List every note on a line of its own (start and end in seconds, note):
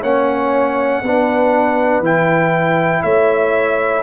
0.00 1.02 A#3
0.00 1.03 C#4
0.00 1.00 C#5
0.00 2.03 F#5
1.02 2.00 B3
1.02 2.04 D4
1.02 3.03 B4
2.00 3.00 E3
2.00 4.03 E4
2.00 3.03 G5
3.03 4.03 A3
3.03 4.03 C#5
3.03 4.03 E5